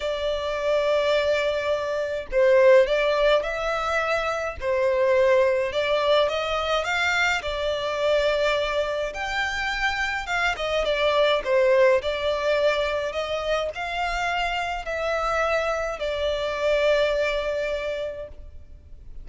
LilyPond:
\new Staff \with { instrumentName = "violin" } { \time 4/4 \tempo 4 = 105 d''1 | c''4 d''4 e''2 | c''2 d''4 dis''4 | f''4 d''2. |
g''2 f''8 dis''8 d''4 | c''4 d''2 dis''4 | f''2 e''2 | d''1 | }